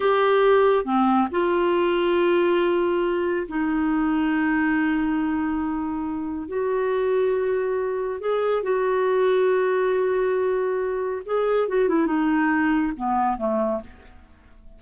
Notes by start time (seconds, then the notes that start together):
0.00 G4
0.84 C4
1.31 F4
3.47 D#4
6.47 F#4
8.20 G#4
8.63 F#4
11.25 G#4
11.68 F#4
11.88 E4
12.06 D#4
12.96 B3
13.37 A3